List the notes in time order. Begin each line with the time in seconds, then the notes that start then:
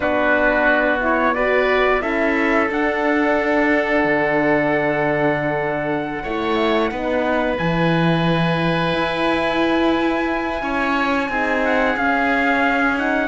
0.00 B3 D4 F#4 B4
1.00 E4 C#5
1.34 F#4 B4 D5
2.00 C#4 E4 A4 E5
2.68 D4 F#5
4.04 D3
6.23 A3 E4 C#5
6.90 B3 D#4 B4
7.57 E3 E4 G#5
8.93 E4
10.62 C#4 C#5
11.28 C4 D#4 G#4
11.64 F#5
11.95 C#4 F5
12.96 D#4 F#5